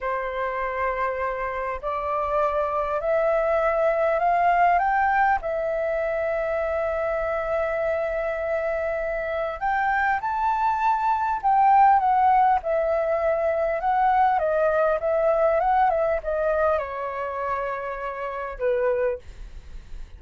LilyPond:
\new Staff \with { instrumentName = "flute" } { \time 4/4 \tempo 4 = 100 c''2. d''4~ | d''4 e''2 f''4 | g''4 e''2.~ | e''1 |
g''4 a''2 g''4 | fis''4 e''2 fis''4 | dis''4 e''4 fis''8 e''8 dis''4 | cis''2. b'4 | }